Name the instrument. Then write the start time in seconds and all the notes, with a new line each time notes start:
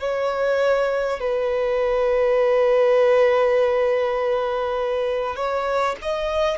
violin
0.00 C#5
1.20 B4
5.36 C#5
6.02 D#5